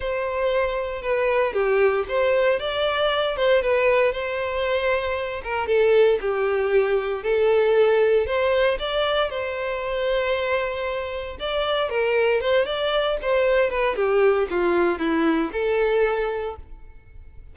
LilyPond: \new Staff \with { instrumentName = "violin" } { \time 4/4 \tempo 4 = 116 c''2 b'4 g'4 | c''4 d''4. c''8 b'4 | c''2~ c''8 ais'8 a'4 | g'2 a'2 |
c''4 d''4 c''2~ | c''2 d''4 ais'4 | c''8 d''4 c''4 b'8 g'4 | f'4 e'4 a'2 | }